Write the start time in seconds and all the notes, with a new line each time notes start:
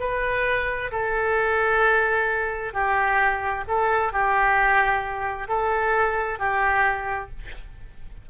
0.00 B4
0.92 A4
2.74 G4
3.68 A4
4.13 G4
5.49 A4
6.39 G4